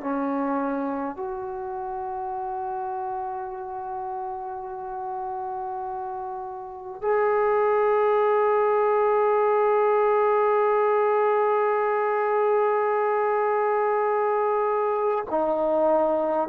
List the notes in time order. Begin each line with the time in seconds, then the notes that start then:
0.00 C#4
1.16 F#4
7.01 G#4
15.30 D#4